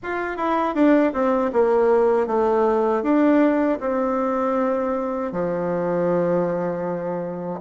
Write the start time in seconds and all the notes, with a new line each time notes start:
0.02 F4
0.36 E4
0.75 D4
1.13 C4
1.52 A#3
2.26 A3
3.02 D4
3.80 C4
5.32 F3